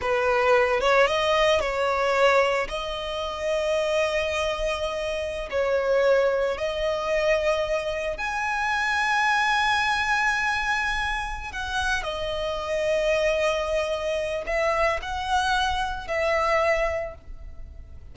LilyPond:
\new Staff \with { instrumentName = "violin" } { \time 4/4 \tempo 4 = 112 b'4. cis''8 dis''4 cis''4~ | cis''4 dis''2.~ | dis''2~ dis''16 cis''4.~ cis''16~ | cis''16 dis''2. gis''8.~ |
gis''1~ | gis''4. fis''4 dis''4.~ | dis''2. e''4 | fis''2 e''2 | }